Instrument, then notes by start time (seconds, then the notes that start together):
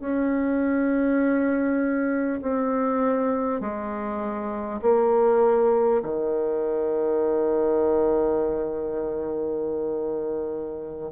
bassoon
0.00 C#4
2.42 C4
3.61 G#3
4.82 A#3
6.03 D#3